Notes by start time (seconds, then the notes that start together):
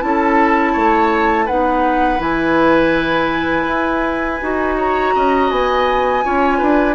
0.00 C#4 E4 A5
0.06 A4
0.72 A3 C#5
1.45 B3 D#4 B4 F#5
2.18 E3 E4 G#5
3.67 E4
4.41 D#4 F#4
4.77 C#5 A#5
5.15 C#4 D#5
5.50 B3 G#5
6.23 C#4 F4 C#5
6.58 D4 B4